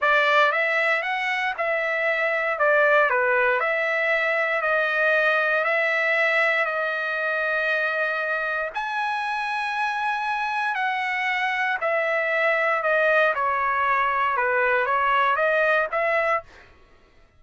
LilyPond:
\new Staff \with { instrumentName = "trumpet" } { \time 4/4 \tempo 4 = 117 d''4 e''4 fis''4 e''4~ | e''4 d''4 b'4 e''4~ | e''4 dis''2 e''4~ | e''4 dis''2.~ |
dis''4 gis''2.~ | gis''4 fis''2 e''4~ | e''4 dis''4 cis''2 | b'4 cis''4 dis''4 e''4 | }